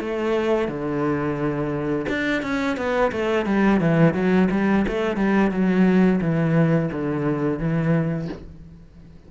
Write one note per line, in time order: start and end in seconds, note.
0.00 0.68 A3
0.68 2.06 D3
2.09 2.43 D4
2.43 2.77 C#4
2.77 3.12 B3
3.12 3.46 A3
3.46 3.81 G3
3.81 4.14 E3
4.14 4.49 F#3
4.51 4.86 G3
4.88 5.17 A3
5.17 5.51 G3
5.51 6.20 F#3
6.21 6.90 E3
6.92 7.59 D3
7.59 8.28 E3